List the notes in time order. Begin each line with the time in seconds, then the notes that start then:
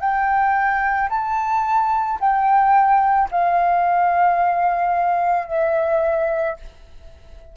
0.00 G5
1.10 A5
2.20 G5
3.31 F5
5.47 E5